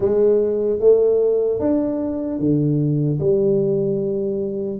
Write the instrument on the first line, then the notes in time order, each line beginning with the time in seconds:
tuba
0.00 G#3
0.79 A3
1.59 D4
2.39 D3
3.19 G3